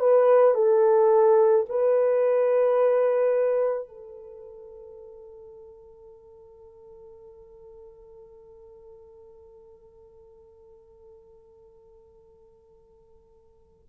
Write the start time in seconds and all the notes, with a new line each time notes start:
0.00 B4
0.55 A4
1.70 B4
3.88 A4